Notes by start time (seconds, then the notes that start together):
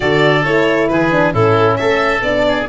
0.00 D3 F#4 A4 D5
0.43 A3 E4 C#5
0.87 E3 G#4 B4
1.11 D4
1.32 A2 C#4 E4 A4
1.76 A3 A4 E5
2.21 B3 D4 D5
2.47 G#4